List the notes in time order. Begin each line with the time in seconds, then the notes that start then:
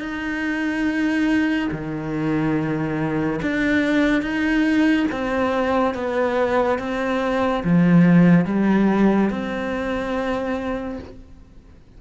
0.00 D#4
1.72 D#3
3.42 D4
4.22 D#4
5.12 C4
5.95 B3
6.79 C4
7.64 F3
8.45 G3
9.30 C4